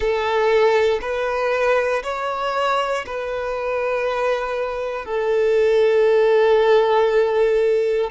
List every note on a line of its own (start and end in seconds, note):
0.00 0.99 A4
1.01 2.02 B4
2.03 3.05 C#5
3.06 5.05 B4
5.05 8.10 A4